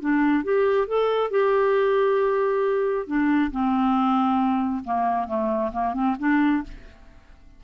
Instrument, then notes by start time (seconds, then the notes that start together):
clarinet
0.00 D4
0.44 G4
0.88 A4
1.31 G4
3.07 D4
3.51 C4
4.84 A#3
5.27 A3
5.72 A#3
5.94 C4
6.19 D4